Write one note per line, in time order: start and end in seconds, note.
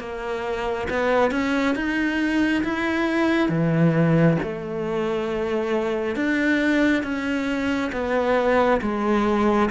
0.00 0.88 A#3
0.90 1.32 B3
1.32 1.76 C#4
1.76 2.64 D#4
2.64 3.50 E4
3.50 4.38 E3
4.43 6.16 A3
6.16 7.03 D4
7.03 7.91 C#4
7.93 8.81 B3
8.82 9.70 G#3